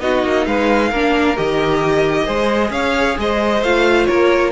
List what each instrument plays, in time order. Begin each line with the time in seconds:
0.00 cello B3, viola D#4, violin F#4 D#5
0.23 cello A#3
0.46 cello G#3, violin B4 F5
0.90 cello A#3, viola D4, violin A#4
1.36 cello D#3, viola G4, violin D#5
2.25 cello G#3, viola G#4, violin C5
2.70 cello C#4, violin C#5 F5
3.18 cello G#3, violin C5 D#5
3.62 cello A3, viola F4, violin F5
4.06 cello A#3, violin A#4 C#5